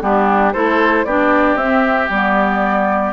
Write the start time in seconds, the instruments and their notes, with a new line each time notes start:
0.00 bassoon G3, clarinet B3, oboe D4, flute G4
0.52 bassoon A3, clarinet E4, oboe A4, flute C5
1.05 bassoon B3, clarinet D4, oboe G4, flute D5
1.55 bassoon C4, clarinet C4, flute E5
2.09 bassoon G3, clarinet B3, flute D5